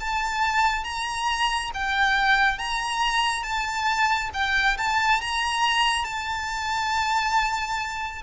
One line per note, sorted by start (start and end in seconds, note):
0.00 0.84 A5
0.84 1.71 A#5
1.74 2.58 G5
2.58 3.43 A#5
3.43 4.30 A5
4.34 4.77 G5
4.77 5.21 A5
5.21 6.04 A#5
6.04 8.22 A5